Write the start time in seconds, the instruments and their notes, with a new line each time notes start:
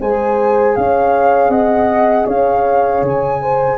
0.00 tuba G#3, saxophone G#4, horn C5, flute G#5
0.75 tuba C#4, horn C#5, flute F5
1.48 tuba C4, horn D#5, flute F#5
2.26 tuba C#4, horn C#5, flute F5
3.01 tuba C#3, flute G#5
3.41 horn C5